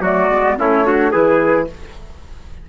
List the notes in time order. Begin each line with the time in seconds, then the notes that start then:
0.00 F#3 A3 F#4 D5
0.29 G#3 B3
0.58 A3 C#4 E4 C#5
0.85 D4 F#4
1.12 E3 E4 G#4 B4